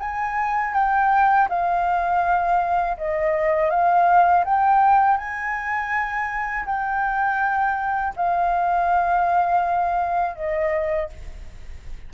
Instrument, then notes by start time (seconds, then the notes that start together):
flute
0.00 G#5
0.74 G5
1.49 F5
2.98 D#5
3.70 F5
4.45 G5
5.18 G#5
6.66 G5
8.16 F5
10.36 D#5